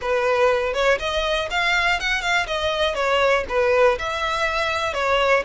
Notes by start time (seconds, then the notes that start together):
0.01 B4
0.73 C#5
0.99 D#5
1.50 F5
2.00 F#5
2.21 F5
2.46 D#5
2.94 C#5
3.48 B4
3.98 E5
4.93 C#5